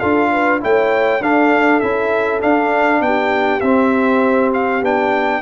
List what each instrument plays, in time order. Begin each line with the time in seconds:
0.00 tuba D4, trombone F4, horn A4, trumpet F5
0.32 horn B4
0.61 tuba A3, trombone E4, horn C#5, trumpet G5
1.21 tuba D4, trombone D4, horn A4, trumpet F5
1.80 tuba C#4, trombone E4, trumpet E5
2.41 trombone D4, tuba D4, trumpet F5
3.01 tuba B3, horn G4, trumpet G5
3.61 tuba C4, trombone C4, trumpet E5
4.54 trumpet F5
4.82 tuba B3, trombone D4, trumpet G5